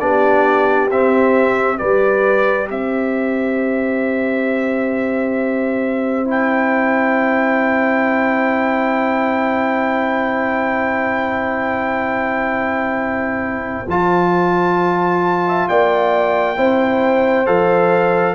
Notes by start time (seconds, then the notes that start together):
0.00 B3 D4 G4 D5
0.91 C4 E5
1.78 G3 G4 B4 D5
2.70 C4 C5 E5
6.25 E4 G5
13.88 F3 F4 A5
15.47 E5
15.69 A#3 D5 G5
16.57 C4 E4 C5
17.46 F3 A4 F5